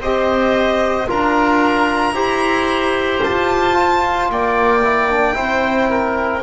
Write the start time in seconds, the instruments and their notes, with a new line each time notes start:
0.00 double bass C4, trombone G4, oboe C5, violin D#5
1.07 double bass D4, trombone F4, oboe A#4, violin A#5
2.12 double bass E4, trombone G4, oboe C5
3.23 double bass F4, violin A5
3.73 trombone F4
4.29 double bass A#3, oboe D5, violin G5
4.83 trombone E4
5.10 trombone D4
5.33 double bass C4, trombone E4, oboe C5
5.89 oboe A#4